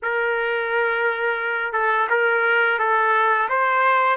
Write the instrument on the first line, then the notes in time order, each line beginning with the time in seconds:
trumpet
0.02 A#4
1.72 A4
2.09 A#4
2.78 A4
3.49 C5